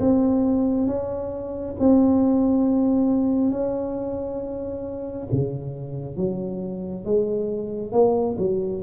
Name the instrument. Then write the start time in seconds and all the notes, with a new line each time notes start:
tuba
0.00 C4
0.87 C#4
1.80 C4
3.52 C#4
5.32 C#3
6.17 F#3
7.05 G#3
7.93 A#3
8.39 F#3